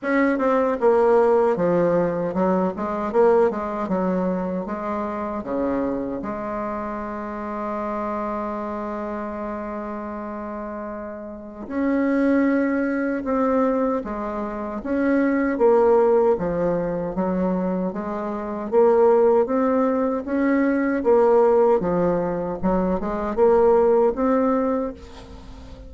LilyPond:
\new Staff \with { instrumentName = "bassoon" } { \time 4/4 \tempo 4 = 77 cis'8 c'8 ais4 f4 fis8 gis8 | ais8 gis8 fis4 gis4 cis4 | gis1~ | gis2. cis'4~ |
cis'4 c'4 gis4 cis'4 | ais4 f4 fis4 gis4 | ais4 c'4 cis'4 ais4 | f4 fis8 gis8 ais4 c'4 | }